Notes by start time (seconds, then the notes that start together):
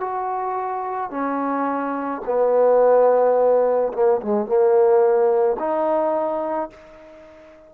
0.00 F#4
1.10 C#4
2.25 B3
3.93 A#3
4.21 G#3
4.45 A#3
5.59 D#4